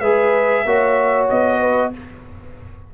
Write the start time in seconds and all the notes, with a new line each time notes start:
0.00 G#3 G#4 B4 E5
0.65 A#3 F#4 C#5
1.29 B3 D#5
1.60 B4